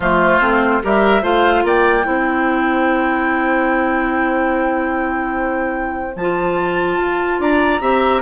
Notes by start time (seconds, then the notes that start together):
0.00 F3 A3 F4 C5
0.40 A3 C4
0.82 G3 G4 A#4 E5
1.22 A3 F4 C5 F5
1.63 A#3 D5 G5
2.03 C4 E4 C5
6.15 F3 F4 A5
6.97 F4
7.39 D4 D5 A#5
7.80 C4 G4 E5